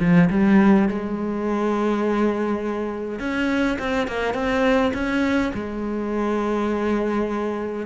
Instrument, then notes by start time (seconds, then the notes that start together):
cello
0.00 F3
0.30 G3
0.88 G#3
3.19 C#4
3.79 C4
4.08 A#3
4.34 C4
4.94 C#4
5.54 G#3